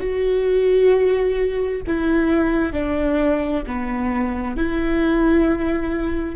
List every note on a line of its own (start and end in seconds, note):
0.00 1.82 F#4
1.87 2.73 E4
2.73 3.64 D4
3.67 4.57 B3
4.57 6.36 E4